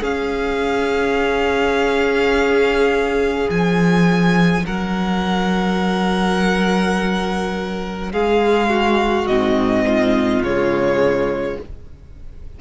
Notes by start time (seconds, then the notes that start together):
0.00 C#4 G#4 F5
3.50 F3 G#5
4.66 F#3 A#4 F#5
8.12 G#3 G#4 F5
8.69 F#4
9.27 G#2 C4 D#5
9.87 F4
10.41 C#3 G#3 C#5